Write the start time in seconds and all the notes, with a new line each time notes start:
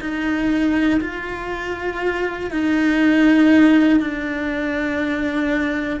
0.00 D#4
1.00 F4
2.50 D#4
4.00 D4